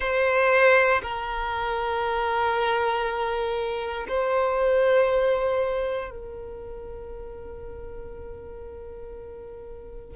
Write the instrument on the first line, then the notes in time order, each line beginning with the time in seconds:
violin
0.00 C5
1.02 A#4
4.08 C5
6.10 A#4